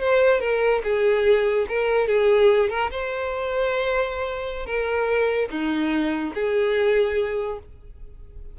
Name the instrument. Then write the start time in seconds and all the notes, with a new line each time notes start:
violin
0.00 C5
0.40 A#4
0.83 G#4
1.68 A#4
2.07 G#4
2.69 A#4
2.91 C5
4.66 A#4
5.50 D#4
6.34 G#4